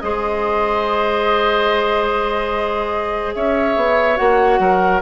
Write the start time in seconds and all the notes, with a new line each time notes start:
0.00 G#3 G#4 C5 D#5
3.34 C#4 C#5 E5
3.76 B3
4.16 A#3 F#4 F#5
4.59 F#3 A#4